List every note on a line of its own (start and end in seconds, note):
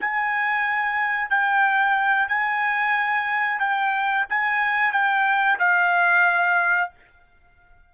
0.00 1.29 G#5
1.29 2.28 G5
2.28 3.59 G#5
3.59 4.25 G5
4.29 4.92 G#5
4.92 5.58 G5
5.59 6.91 F5